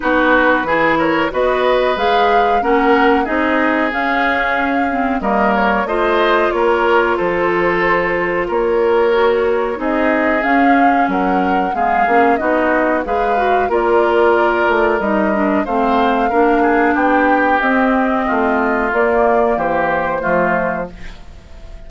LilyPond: <<
  \new Staff \with { instrumentName = "flute" } { \time 4/4 \tempo 4 = 92 b'4. cis''8 dis''4 f''4 | fis''4 dis''4 f''2 | dis''8 cis''8 dis''4 cis''4 c''4~ | c''4 cis''2 dis''4 |
f''4 fis''4 f''4 dis''4 | f''4 d''2 dis''4 | f''2 g''4 dis''4~ | dis''4 d''4 c''2 | }
  \new Staff \with { instrumentName = "oboe" } { \time 4/4 fis'4 gis'8 ais'8 b'2 | ais'4 gis'2. | ais'4 c''4 ais'4 a'4~ | a'4 ais'2 gis'4~ |
gis'4 ais'4 gis'4 fis'4 | b'4 ais'2. | c''4 ais'8 gis'8 g'2 | f'2 g'4 f'4 | }
  \new Staff \with { instrumentName = "clarinet" } { \time 4/4 dis'4 e'4 fis'4 gis'4 | cis'4 dis'4 cis'4. c'8 | ais4 f'2.~ | f'2 fis'4 dis'4 |
cis'2 b8 cis'8 dis'4 | gis'8 fis'8 f'2 dis'8 d'8 | c'4 d'2 c'4~ | c'4 ais2 a4 | }
  \new Staff \with { instrumentName = "bassoon" } { \time 4/4 b4 e4 b4 gis4 | ais4 c'4 cis'2 | g4 a4 ais4 f4~ | f4 ais2 c'4 |
cis'4 fis4 gis8 ais8 b4 | gis4 ais4. a8 g4 | a4 ais4 b4 c'4 | a4 ais4 e4 f4 | }
>>